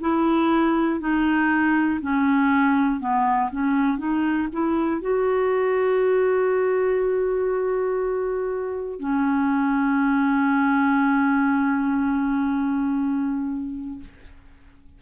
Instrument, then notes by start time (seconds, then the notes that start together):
clarinet
0.00 E4
1.00 D#4
2.00 C#4
3.00 B3
3.51 C#4
3.98 D#4
4.52 E4
5.00 F#4
9.00 C#4